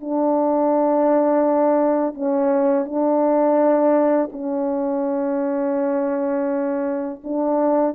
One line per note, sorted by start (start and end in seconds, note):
0.00 2.14 D4
2.14 2.85 C#4
2.85 4.29 D4
4.32 7.21 C#4
7.23 7.95 D4